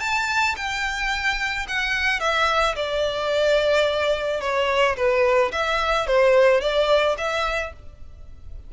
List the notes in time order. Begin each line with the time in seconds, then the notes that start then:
0.00 A5
0.57 G5
1.68 F#5
2.20 E5
2.76 D5
4.41 C#5
4.97 B4
5.52 E5
6.07 C5
6.61 D5
7.18 E5